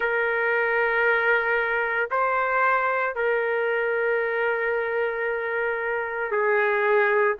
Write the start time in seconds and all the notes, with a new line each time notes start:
0.00 A#4
2.11 C5
3.15 A#4
6.31 G#4